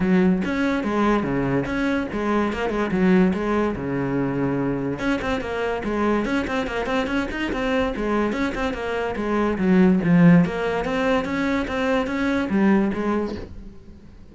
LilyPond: \new Staff \with { instrumentName = "cello" } { \time 4/4 \tempo 4 = 144 fis4 cis'4 gis4 cis4 | cis'4 gis4 ais8 gis8 fis4 | gis4 cis2. | cis'8 c'8 ais4 gis4 cis'8 c'8 |
ais8 c'8 cis'8 dis'8 c'4 gis4 | cis'8 c'8 ais4 gis4 fis4 | f4 ais4 c'4 cis'4 | c'4 cis'4 g4 gis4 | }